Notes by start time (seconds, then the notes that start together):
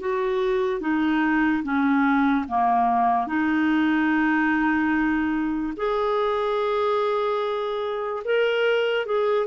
0.00 F#4
0.80 D#4
1.63 C#4
2.48 A#3
3.27 D#4
5.76 G#4
8.24 A#4
9.06 G#4